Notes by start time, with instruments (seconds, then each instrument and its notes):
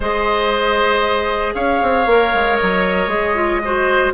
0.00 bassoon G#3, clarinet G#4, oboe C5, flute D#5
1.54 bassoon C#4, oboe C#5, flute F5
1.82 bassoon C4
2.06 bassoon A#3, clarinet A#4
2.34 bassoon G#3
2.56 bassoon F#3, flute D#5
3.07 bassoon G#3, clarinet G#4
3.35 clarinet F4
3.64 clarinet F#4, oboe C5